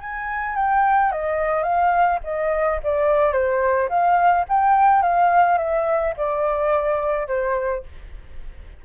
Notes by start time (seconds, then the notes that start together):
0.00 G#5
0.55 G5
1.11 D#5
1.63 F5
2.24 D#5
2.83 D5
3.32 C5
3.89 F5
4.49 G5
5.02 F5
5.58 E5
6.17 D5
7.27 C5